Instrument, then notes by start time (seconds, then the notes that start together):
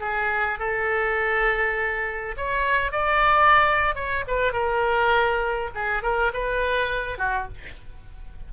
oboe
0.00 G#4
0.59 A4
2.37 C#5
2.92 D5
3.95 C#5
4.27 B4
4.52 A#4
5.74 G#4
6.02 A#4
6.33 B4
7.18 F#4